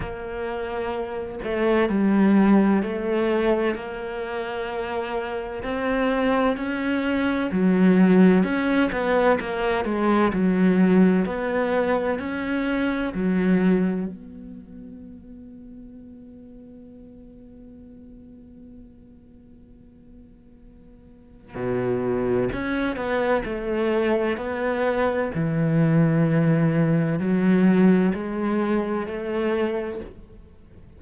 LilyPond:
\new Staff \with { instrumentName = "cello" } { \time 4/4 \tempo 4 = 64 ais4. a8 g4 a4 | ais2 c'4 cis'4 | fis4 cis'8 b8 ais8 gis8 fis4 | b4 cis'4 fis4 b4~ |
b1~ | b2. b,4 | cis'8 b8 a4 b4 e4~ | e4 fis4 gis4 a4 | }